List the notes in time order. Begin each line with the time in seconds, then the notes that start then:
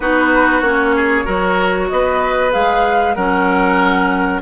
0.00 B3 D#4 F#4 B4
0.61 A#3 C#4 C#5
0.95 G#4
1.24 F#3 F#4 A#4
1.88 B3 B4 D#5
2.51 G#3 G#4 F5
3.14 F#3 C#4 A#4 F#5